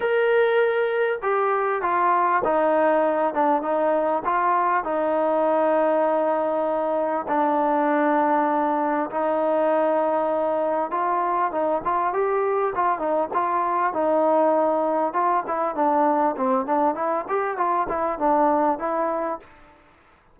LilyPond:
\new Staff \with { instrumentName = "trombone" } { \time 4/4 \tempo 4 = 99 ais'2 g'4 f'4 | dis'4. d'8 dis'4 f'4 | dis'1 | d'2. dis'4~ |
dis'2 f'4 dis'8 f'8 | g'4 f'8 dis'8 f'4 dis'4~ | dis'4 f'8 e'8 d'4 c'8 d'8 | e'8 g'8 f'8 e'8 d'4 e'4 | }